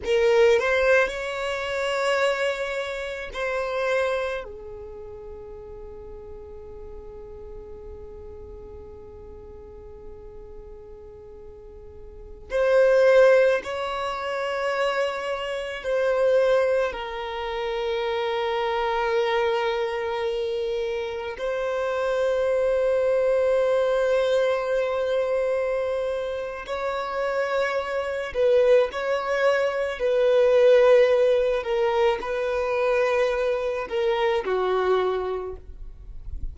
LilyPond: \new Staff \with { instrumentName = "violin" } { \time 4/4 \tempo 4 = 54 ais'8 c''8 cis''2 c''4 | gis'1~ | gis'2.~ gis'16 c''8.~ | c''16 cis''2 c''4 ais'8.~ |
ais'2.~ ais'16 c''8.~ | c''1 | cis''4. b'8 cis''4 b'4~ | b'8 ais'8 b'4. ais'8 fis'4 | }